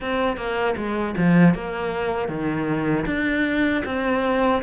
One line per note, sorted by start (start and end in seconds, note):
0.00 0.37 C4
0.37 0.75 A#3
0.76 1.14 G#3
1.17 1.54 F3
1.54 2.28 A#3
2.28 3.05 D#3
3.06 3.83 D4
3.85 4.62 C4